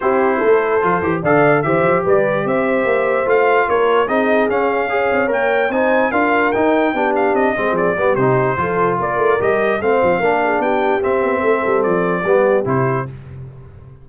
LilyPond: <<
  \new Staff \with { instrumentName = "trumpet" } { \time 4/4 \tempo 4 = 147 c''2. f''4 | e''4 d''4 e''2 | f''4 cis''4 dis''4 f''4~ | f''4 g''4 gis''4 f''4 |
g''4. f''8 dis''4 d''4 | c''2 d''4 dis''4 | f''2 g''4 e''4~ | e''4 d''2 c''4 | }
  \new Staff \with { instrumentName = "horn" } { \time 4/4 g'4 a'2 d''4 | c''4 b'4 c''2~ | c''4 ais'4 gis'2 | cis''2 c''4 ais'4~ |
ais'4 g'4. gis'4 g'8~ | g'4 a'4 ais'2 | c''4 ais'8 gis'8 g'2 | a'2 g'2 | }
  \new Staff \with { instrumentName = "trombone" } { \time 4/4 e'2 f'8 g'8 a'4 | g'1 | f'2 dis'4 cis'4 | gis'4 ais'4 dis'4 f'4 |
dis'4 d'4. c'4 b8 | dis'4 f'2 g'4 | c'4 d'2 c'4~ | c'2 b4 e'4 | }
  \new Staff \with { instrumentName = "tuba" } { \time 4/4 c'4 a4 f8 e8 d4 | e8 f8 g4 c'4 ais4 | a4 ais4 c'4 cis'4~ | cis'8 c'8 ais4 c'4 d'4 |
dis'4 b4 c'8 gis8 f8 g8 | c4 f4 ais8 a8 g4 | a8 f8 ais4 b4 c'8 b8 | a8 g8 f4 g4 c4 | }
>>